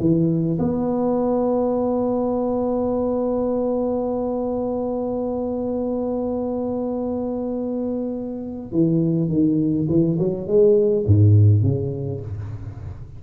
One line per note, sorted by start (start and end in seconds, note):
0.00 0.58 E3
0.59 8.71 B3
8.71 9.29 E3
9.29 9.87 D#3
9.89 10.18 E3
10.19 10.47 F#3
10.47 11.05 G#3
11.06 11.62 G#2
11.62 12.20 C#3